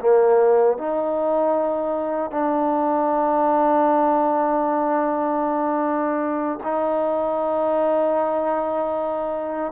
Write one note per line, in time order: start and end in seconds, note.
0.00 0.78 A#3
0.78 2.31 D#4
2.31 6.60 D4
6.63 9.72 D#4